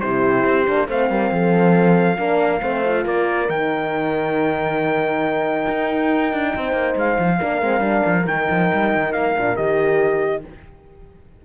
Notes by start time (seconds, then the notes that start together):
0.00 C3 E4 G4 C5
0.45 C4
0.66 A#3 D4
0.87 A3 C4 C5 F5
1.09 G3 A#4
1.31 F3 A4
2.17 A#3 D4 A#4
2.62 A3 C4 C5
2.85 F4
3.04 A#3 A#4 D5
3.48 D#3 D#4 G5
5.68 D#4
6.33 D4
6.55 C4 C5
6.73 A#3
6.96 G#3 F5
7.18 F3
7.39 A#3 D4 A#4
7.62 G#3 C4
7.79 G3 D4
8.06 F3
8.26 D#3 D#4 G5
8.50 F3
8.73 G3
8.96 D#3
9.13 A#3 F5
9.37 A#2 D4
9.56 D#3 G4 D#5